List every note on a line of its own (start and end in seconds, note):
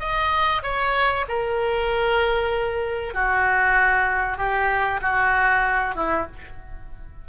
0.00 0.62 D#5
0.63 1.26 C#5
1.29 3.14 A#4
3.14 4.38 F#4
4.38 5.01 G4
5.02 5.95 F#4
5.95 6.27 E4